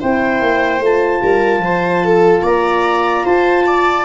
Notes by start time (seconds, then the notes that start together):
0.00 C4 E4 C5 G5
0.41 A#3
0.80 A3 F4 A5
1.22 G3 A#4
1.58 F3
1.64 C5
2.05 A4
2.42 A#3 D5 A#5
3.24 F4 C5 A5
3.66 D5